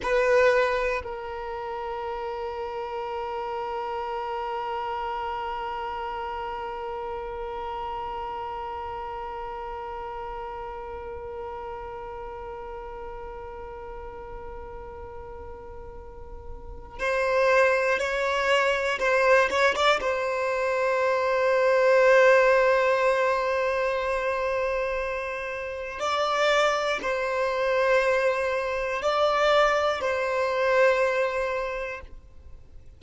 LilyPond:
\new Staff \with { instrumentName = "violin" } { \time 4/4 \tempo 4 = 60 b'4 ais'2.~ | ais'1~ | ais'1~ | ais'1~ |
ais'4 c''4 cis''4 c''8 cis''16 d''16 | c''1~ | c''2 d''4 c''4~ | c''4 d''4 c''2 | }